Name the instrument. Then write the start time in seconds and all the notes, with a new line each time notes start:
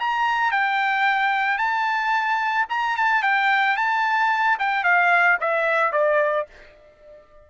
trumpet
0.00 A#5
0.52 G5
1.58 A5
2.70 A#5
2.97 A5
3.23 G5
3.77 A5
4.59 G5
4.84 F5
5.41 E5
5.93 D5